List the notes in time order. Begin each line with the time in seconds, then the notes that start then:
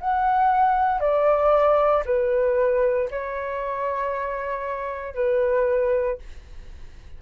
0.00 F#5
1.00 D5
2.05 B4
3.10 C#5
5.15 B4